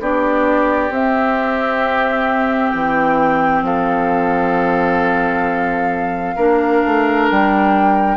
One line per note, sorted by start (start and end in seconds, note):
0.00 0.90 B3
0.00 0.90 D4
0.00 3.65 G4
0.00 0.93 D5
0.90 2.72 C4
0.90 6.36 C4
0.90 2.70 E5
2.70 3.61 E3
2.70 3.61 G5
3.61 6.34 F3
3.61 6.36 A4
3.61 7.28 F5
6.36 6.82 A#3
6.36 8.17 D4
6.36 8.17 A#4
6.85 7.30 A3
7.30 8.17 G3
7.30 8.17 G5